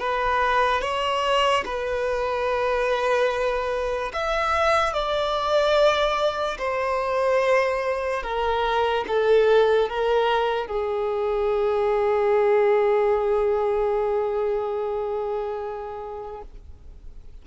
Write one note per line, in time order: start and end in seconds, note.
0.00 0.82 B4
0.82 1.64 C#5
1.66 4.12 B4
4.14 4.94 E5
4.94 6.58 D5
6.59 8.23 C5
8.23 9.05 A#4
9.08 9.90 A4
9.90 10.67 A#4
10.67 16.42 G#4